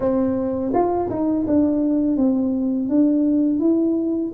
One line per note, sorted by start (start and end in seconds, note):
0.00 0.72 C4
0.73 1.09 F4
1.09 1.46 D#4
1.47 2.17 D4
2.17 2.88 C4
2.88 3.59 D4
3.59 4.31 E4